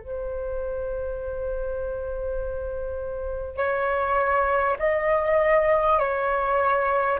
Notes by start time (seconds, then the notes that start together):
0.00 C5
3.57 C#5
4.79 D#5
5.99 C#5